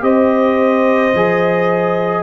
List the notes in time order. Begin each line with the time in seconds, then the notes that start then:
0.00 C4 G4 C5 D#5
1.13 F3 G#4